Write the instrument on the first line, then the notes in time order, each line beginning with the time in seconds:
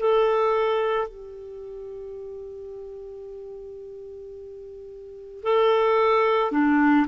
clarinet
0.00 A4
1.09 G4
5.44 A4
6.52 D4